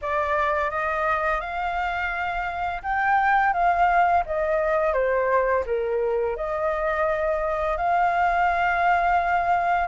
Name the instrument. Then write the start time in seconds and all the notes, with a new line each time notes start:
flute
0.01 D5
0.70 D#5
1.41 F5
2.82 G5
3.53 F5
4.25 D#5
4.93 C5
5.66 A#4
6.36 D#5
7.76 F5